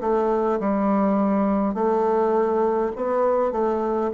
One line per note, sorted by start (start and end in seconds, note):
0.00 0.59 A3
0.59 1.74 G3
1.74 2.91 A3
2.96 3.52 B3
3.52 4.11 A3